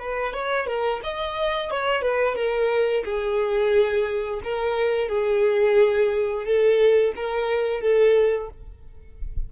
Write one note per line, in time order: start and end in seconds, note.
0.00 0.34 B4
0.34 0.67 C#5
0.67 1.01 A#4
1.04 1.71 D#5
1.71 2.02 C#5
2.02 2.36 B4
2.36 3.04 A#4
3.05 4.42 G#4
4.44 5.09 A#4
5.09 6.45 G#4
6.45 7.13 A4
7.16 7.82 A#4
7.82 8.50 A4